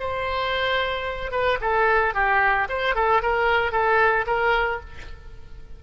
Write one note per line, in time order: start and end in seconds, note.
0.00 1.32 C5
1.32 1.59 B4
1.61 2.14 A4
2.14 2.68 G4
2.69 2.95 C5
2.95 3.22 A4
3.22 3.72 A#4
3.72 4.26 A4
4.27 4.80 A#4